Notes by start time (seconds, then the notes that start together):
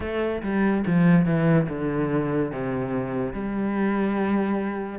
0.00 A3
0.42 G3
0.86 F3
1.25 E3
1.69 D3
2.52 C3
3.33 G3